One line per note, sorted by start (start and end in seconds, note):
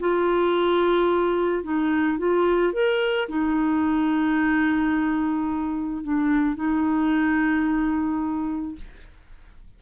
0.00 1.64 F4
1.64 2.19 D#4
2.19 2.73 F4
2.73 3.29 A#4
3.29 6.04 D#4
6.04 6.56 D4
6.56 8.76 D#4